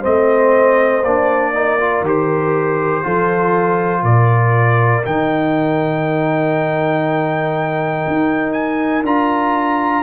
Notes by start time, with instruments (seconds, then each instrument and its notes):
0.00 tuba A3, trombone C4, horn C5, trumpet D#5
1.02 tuba A#3, trombone D4, trumpet D5
1.53 trombone D#4, horn A#4
1.79 trombone F4
2.01 tuba D#3, trombone G4
2.08 trumpet C5
3.03 tuba F3, trombone F4, horn A4
4.02 tuba A#2, horn A#4, trumpet D5
5.04 tuba D#3, trombone D#4, trumpet G5
8.07 tuba D#4
8.52 trumpet G#5
9.02 tuba D4, trombone F4, trumpet A#5